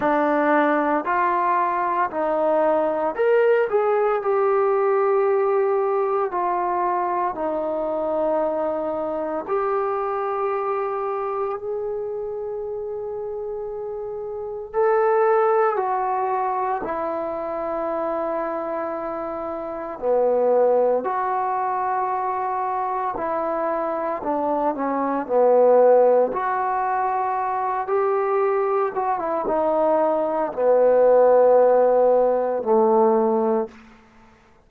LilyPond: \new Staff \with { instrumentName = "trombone" } { \time 4/4 \tempo 4 = 57 d'4 f'4 dis'4 ais'8 gis'8 | g'2 f'4 dis'4~ | dis'4 g'2 gis'4~ | gis'2 a'4 fis'4 |
e'2. b4 | fis'2 e'4 d'8 cis'8 | b4 fis'4. g'4 fis'16 e'16 | dis'4 b2 a4 | }